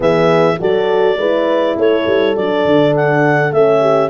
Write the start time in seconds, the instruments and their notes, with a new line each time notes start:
0.00 tuba E3, horn B3 G#4, clarinet E5
0.58 tuba F#3, horn F#4 A4, clarinet D5
1.16 tuba G#3, horn E4 B4
1.76 tuba A3, horn A4, clarinet C#5
2.06 tuba G3
2.36 tuba F#3, horn D4, clarinet D5
2.65 tuba D3
2.95 clarinet F#5
3.51 tuba A3, horn C#4, clarinet E5
3.80 horn G4